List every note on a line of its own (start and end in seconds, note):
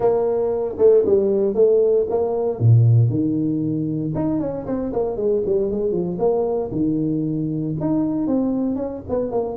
0.00 0.76 A#3
0.78 1.03 A3
1.05 1.54 G3
1.54 2.06 A3
2.09 2.59 A#3
2.59 3.09 A#2
3.09 4.12 D#3
4.14 4.40 D#4
4.40 4.66 C#4
4.66 4.92 C4
4.92 5.16 A#3
5.16 5.42 G#3
5.45 5.70 G3
5.70 5.91 G#3
5.91 6.17 F3
6.18 6.70 A#3
6.71 7.75 D#3
7.80 8.27 D#4
8.27 8.75 C4
8.75 9.01 C#4
9.09 9.31 B3
9.31 9.56 A#3